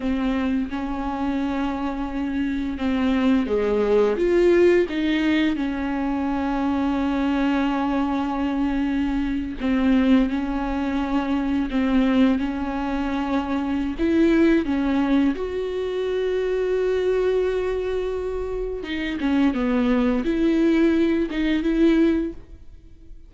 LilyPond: \new Staff \with { instrumentName = "viola" } { \time 4/4 \tempo 4 = 86 c'4 cis'2. | c'4 gis4 f'4 dis'4 | cis'1~ | cis'4.~ cis'16 c'4 cis'4~ cis'16~ |
cis'8. c'4 cis'2~ cis'16 | e'4 cis'4 fis'2~ | fis'2. dis'8 cis'8 | b4 e'4. dis'8 e'4 | }